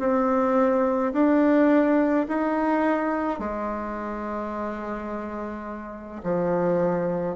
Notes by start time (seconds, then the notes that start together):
0.00 C4
1.13 D4
2.28 D#4
3.39 G#3
6.24 F3